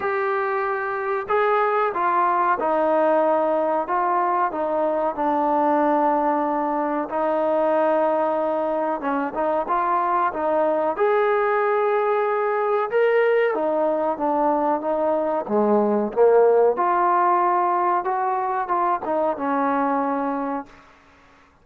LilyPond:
\new Staff \with { instrumentName = "trombone" } { \time 4/4 \tempo 4 = 93 g'2 gis'4 f'4 | dis'2 f'4 dis'4 | d'2. dis'4~ | dis'2 cis'8 dis'8 f'4 |
dis'4 gis'2. | ais'4 dis'4 d'4 dis'4 | gis4 ais4 f'2 | fis'4 f'8 dis'8 cis'2 | }